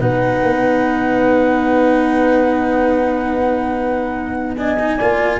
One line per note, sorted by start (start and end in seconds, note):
0.00 0.42 B2
0.00 4.56 D#4
0.00 4.56 B4
0.00 4.55 F#5
0.42 4.97 B3
4.57 4.78 D4
4.57 4.98 D#5
4.57 5.39 G#5
4.79 4.99 D#4
4.98 5.39 A#3
4.98 5.39 F4
4.98 5.39 D5